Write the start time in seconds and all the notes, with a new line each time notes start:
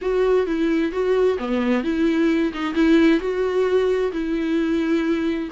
0.01 F#4
0.46 E4
0.92 F#4
1.38 B3
1.83 E4
2.53 D#4
2.74 E4
3.20 F#4
4.11 E4